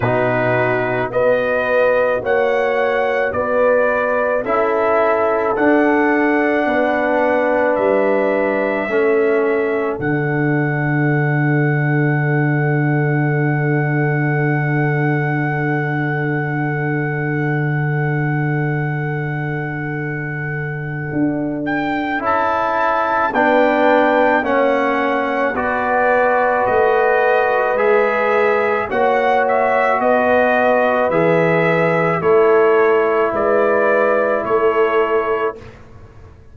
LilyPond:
<<
  \new Staff \with { instrumentName = "trumpet" } { \time 4/4 \tempo 4 = 54 b'4 dis''4 fis''4 d''4 | e''4 fis''2 e''4~ | e''4 fis''2.~ | fis''1~ |
fis''2.~ fis''8 g''8 | a''4 g''4 fis''4 d''4 | dis''4 e''4 fis''8 e''8 dis''4 | e''4 cis''4 d''4 cis''4 | }
  \new Staff \with { instrumentName = "horn" } { \time 4/4 fis'4 b'4 cis''4 b'4 | a'2 b'2 | a'1~ | a'1~ |
a'1~ | a'4 b'4 cis''4 b'4~ | b'2 cis''4 b'4~ | b'4 a'4 b'4 a'4 | }
  \new Staff \with { instrumentName = "trombone" } { \time 4/4 dis'4 fis'2. | e'4 d'2. | cis'4 d'2.~ | d'1~ |
d'1 | e'4 d'4 cis'4 fis'4~ | fis'4 gis'4 fis'2 | gis'4 e'2. | }
  \new Staff \with { instrumentName = "tuba" } { \time 4/4 b,4 b4 ais4 b4 | cis'4 d'4 b4 g4 | a4 d2.~ | d1~ |
d2. d'4 | cis'4 b4 ais4 b4 | a4 gis4 ais4 b4 | e4 a4 gis4 a4 | }
>>